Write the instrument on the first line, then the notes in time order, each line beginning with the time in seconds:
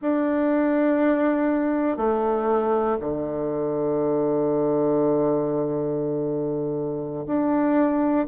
bassoon
0.01 D4
1.97 A3
3.00 D3
7.26 D4